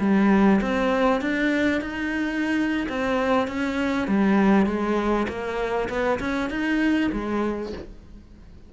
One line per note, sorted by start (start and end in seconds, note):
0.00 0.61 G3
0.61 1.21 C4
1.21 1.82 D4
1.82 2.88 D#4
2.89 3.48 C4
3.48 4.08 C#4
4.08 4.66 G3
4.66 5.27 G#3
5.29 5.89 A#3
5.90 6.20 B3
6.20 6.50 C#4
6.50 7.11 D#4
7.12 7.73 G#3